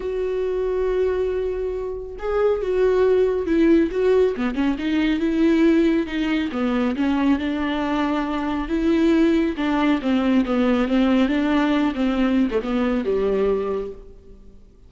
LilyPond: \new Staff \with { instrumentName = "viola" } { \time 4/4 \tempo 4 = 138 fis'1~ | fis'4 gis'4 fis'2 | e'4 fis'4 b8 cis'8 dis'4 | e'2 dis'4 b4 |
cis'4 d'2. | e'2 d'4 c'4 | b4 c'4 d'4. c'8~ | c'8. a16 b4 g2 | }